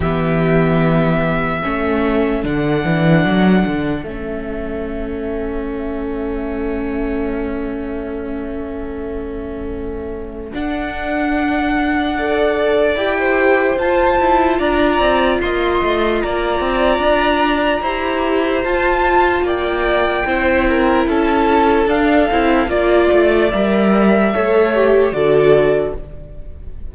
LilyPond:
<<
  \new Staff \with { instrumentName = "violin" } { \time 4/4 \tempo 4 = 74 e''2. fis''4~ | fis''4 e''2.~ | e''1~ | e''4 fis''2. |
g''4 a''4 ais''4 c'''4 | ais''2. a''4 | g''2 a''4 f''4 | d''4 e''2 d''4 | }
  \new Staff \with { instrumentName = "violin" } { \time 4/4 g'2 a'2~ | a'1~ | a'1~ | a'2. d''4~ |
d''16 c''4.~ c''16 d''4 dis''4 | d''2 c''2 | d''4 c''8 ais'8 a'2 | d''2 cis''4 a'4 | }
  \new Staff \with { instrumentName = "viola" } { \time 4/4 b2 cis'4 d'4~ | d'4 cis'2.~ | cis'1~ | cis'4 d'2 a'4 |
g'4 f'2.~ | f'2 g'4 f'4~ | f'4 e'2 d'8 e'8 | f'4 ais'4 a'8 g'8 fis'4 | }
  \new Staff \with { instrumentName = "cello" } { \time 4/4 e2 a4 d8 e8 | fis8 d8 a2.~ | a1~ | a4 d'2. |
e'4 f'8 e'8 d'8 c'8 ais8 a8 | ais8 c'8 d'4 e'4 f'4 | ais4 c'4 cis'4 d'8 c'8 | ais8 a8 g4 a4 d4 | }
>>